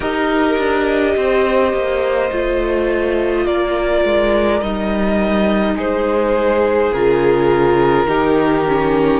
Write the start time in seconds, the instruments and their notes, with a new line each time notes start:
0.00 cello D#4, viola G4, violin A#4 D#5
0.58 cello D4
1.16 cello C4, violin C5
1.72 cello A#3
2.30 cello A3, viola F4
3.45 cello A#3, violin A#4 D5
4.04 cello G#3
4.61 cello G3, viola D#4, violin D#5
5.75 cello G#3, violin G#4 C5
6.93 cello C#3, viola F4, violin A#4
8.05 cello D#3, viola D#4, violin G4
8.67 viola C#4